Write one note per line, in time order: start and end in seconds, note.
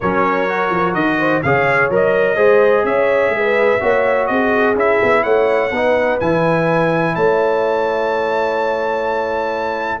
0.00 0.70 F#3
0.00 0.48 C#4
0.00 1.18 A#4
0.00 0.94 C#5
0.48 1.43 F#4
0.70 0.94 F3
0.94 1.42 D#3
0.94 1.41 D#5
1.18 1.42 C5
1.42 1.89 C#3
1.42 1.91 G#4
1.42 2.36 C#5
1.42 1.90 F5
1.89 2.36 F#3
1.89 2.36 A#4
1.89 2.85 D#5
2.36 2.84 G#3
2.36 3.79 G#4
2.36 2.83 C5
2.84 3.29 C#4
2.84 3.33 C#5
2.84 4.26 E5
3.29 3.77 G#3
3.37 3.81 B4
3.79 4.29 A#3
3.79 4.75 F#4
3.79 4.29 C#5
4.26 4.75 C4
4.26 5.23 G#4
4.26 4.74 D#5
4.75 4.99 C#4
4.75 5.71 E4
4.75 5.23 E5
5.03 5.24 B3
5.23 5.71 A3
5.23 5.70 C#5
5.23 6.18 F#5
5.70 6.18 B3
5.70 6.20 D#4
5.70 7.13 B4
6.19 7.16 E3
6.19 10.00 E4
6.19 7.15 G#5
7.15 10.00 A3
7.15 10.00 C#5
7.15 10.00 A5